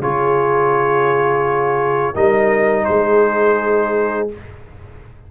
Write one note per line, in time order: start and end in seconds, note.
0.00 2.14 C#3
0.00 2.14 F4
0.00 2.15 G#4
0.00 2.15 C#5
2.14 2.87 G3
2.14 4.29 D#4
2.14 2.86 A#4
2.14 2.85 D#5
2.85 4.31 G#3
2.85 4.31 G#4
2.85 4.28 C5